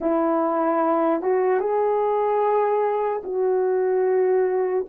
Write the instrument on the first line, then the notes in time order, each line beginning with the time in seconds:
horn
0.00 E4
1.22 F#4
1.60 G#4
3.23 F#4